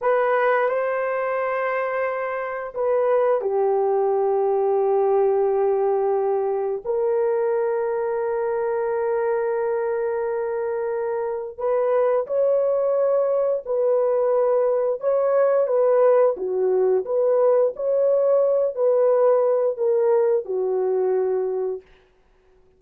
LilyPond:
\new Staff \with { instrumentName = "horn" } { \time 4/4 \tempo 4 = 88 b'4 c''2. | b'4 g'2.~ | g'2 ais'2~ | ais'1~ |
ais'4 b'4 cis''2 | b'2 cis''4 b'4 | fis'4 b'4 cis''4. b'8~ | b'4 ais'4 fis'2 | }